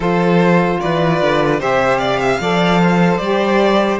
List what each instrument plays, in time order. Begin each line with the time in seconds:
0.00 cello F3, saxophone F4, violin A4 C5
0.80 cello E3, violin B4 D5
1.21 cello D3
1.59 cello C3, saxophone G4, violin C5 E5
1.97 violin D5 F5
2.20 violin E5
2.40 cello F3, saxophone A4, violin D5
2.81 violin C5
3.17 cello G3, saxophone G4, violin D5